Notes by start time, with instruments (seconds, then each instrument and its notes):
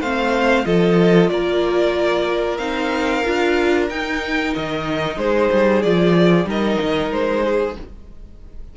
0.00 cello A3, viola C4, violin C5 F5
0.65 cello F3, viola F4, violin A4 D#5
1.29 cello A#3, violin A#4 D5
2.57 cello C4, viola D#4, violin F5
3.25 cello D4, viola F4
3.89 cello D#4, viola D#4, violin G5
4.54 cello D#3, violin D#5
5.16 cello G#3, violin G#4 C5
5.52 cello G3
5.82 cello F3, viola F4, violin D5
6.45 cello G3, viola D#4, violin A#4 D#5
6.81 cello D#3
7.12 cello G#3, violin C5
7.44 violin G#4